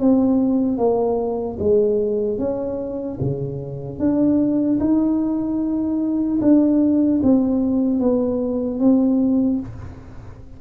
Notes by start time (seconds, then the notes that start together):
0.00 C4
0.78 A#3
1.60 G#3
2.39 C#4
3.21 C#3
3.99 D4
4.80 D#4
6.41 D4
7.23 C4
8.00 B3
8.80 C4